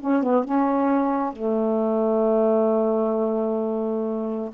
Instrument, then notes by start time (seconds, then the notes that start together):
saxophone
0.00 C#4
0.23 B3
0.44 C#4
1.33 A3